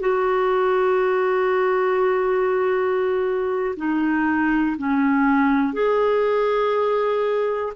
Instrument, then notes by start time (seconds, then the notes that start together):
clarinet
0.00 F#4
3.76 D#4
4.78 C#4
5.73 G#4